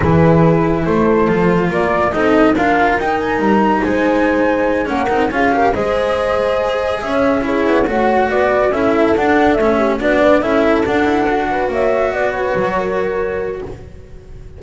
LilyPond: <<
  \new Staff \with { instrumentName = "flute" } { \time 4/4 \tempo 4 = 141 b'2 c''2 | d''4 dis''4 f''4 g''8 gis''8 | ais''4 gis''2~ gis''8 fis''8~ | fis''8 f''4 dis''2~ dis''8~ |
dis''8 e''4 cis''4 fis''4 d''8~ | d''8 e''4 fis''4 e''4 d''8~ | d''8 e''4 fis''2 e''8~ | e''8 d''8 cis''2. | }
  \new Staff \with { instrumentName = "horn" } { \time 4/4 gis'2 a'2 | ais'4 a'4 ais'2~ | ais'4 c''2~ c''8 ais'8~ | ais'8 gis'8 ais'8 c''2~ c''8~ |
c''8 cis''4 gis'4 cis''4 b'8~ | b'8 a'2~ a'8 g'8 fis'8 | b'8 a'2~ a'8 b'8 cis''8~ | cis''8 b'4. ais'2 | }
  \new Staff \with { instrumentName = "cello" } { \time 4/4 e'2. f'4~ | f'4 dis'4 f'4 dis'4~ | dis'2.~ dis'8 cis'8 | dis'8 f'8 g'8 gis'2~ gis'8~ |
gis'4. e'4 fis'4.~ | fis'8 e'4 d'4 cis'4 d'8~ | d'8 e'4 d'8 e'8 fis'4.~ | fis'1 | }
  \new Staff \with { instrumentName = "double bass" } { \time 4/4 e2 a4 f4 | ais4 c'4 d'4 dis'4 | g4 gis2~ gis8 ais8 | c'8 cis'4 gis2~ gis8~ |
gis8 cis'4. b8 a4 b8~ | b8 cis'4 d'4 a4 b8~ | b8 cis'4 d'2 ais8~ | ais8 b4 fis2~ fis8 | }
>>